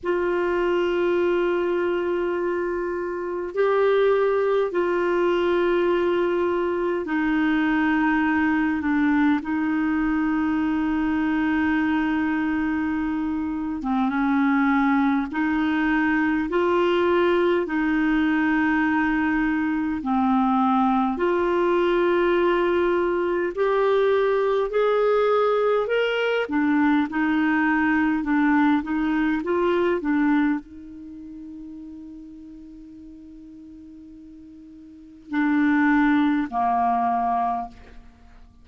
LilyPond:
\new Staff \with { instrumentName = "clarinet" } { \time 4/4 \tempo 4 = 51 f'2. g'4 | f'2 dis'4. d'8 | dis'2.~ dis'8. c'16 | cis'4 dis'4 f'4 dis'4~ |
dis'4 c'4 f'2 | g'4 gis'4 ais'8 d'8 dis'4 | d'8 dis'8 f'8 d'8 dis'2~ | dis'2 d'4 ais4 | }